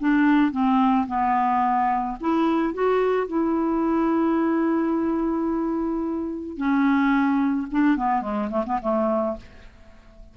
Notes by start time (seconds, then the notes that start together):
0.00 D4
0.52 C4
1.08 B3
2.21 E4
2.74 F#4
3.28 E4
6.58 C#4
7.72 D4
7.97 B3
8.22 G#3
8.51 A3
8.66 B3
8.82 A3